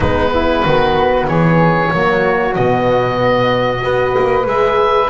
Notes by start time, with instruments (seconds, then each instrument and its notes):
0.00 double bass G#3, horn B3, flute D#4, oboe B4
0.33 flute E4
0.64 double bass D#3, flute F#4
1.27 double bass E3, flute G#4, oboe C#5
1.91 double bass F#3, horn A#3, flute F#4
2.55 double bass B2, horn B3, oboe D#5
3.81 double bass B3, horn F#4, flute B4
4.18 double bass A#3
4.43 double bass G#3, horn G#4, oboe E5